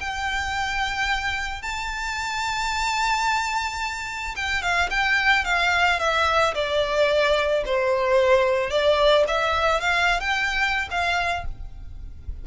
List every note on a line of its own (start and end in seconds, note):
0.00 1.62 G5
1.62 4.35 A5
4.35 4.62 G5
4.62 4.89 F5
4.90 5.44 G5
5.44 5.99 F5
5.99 6.54 E5
6.54 7.63 D5
7.65 8.70 C5
8.70 9.24 D5
9.28 9.80 E5
9.80 10.20 F5
10.20 10.88 G5
10.90 11.44 F5